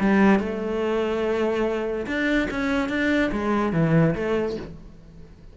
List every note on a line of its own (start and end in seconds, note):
0.00 0.40 G3
0.40 2.07 A3
2.07 2.49 D4
2.51 2.90 C#4
2.90 3.31 D4
3.32 3.73 G#3
3.73 4.15 E3
4.15 4.57 A3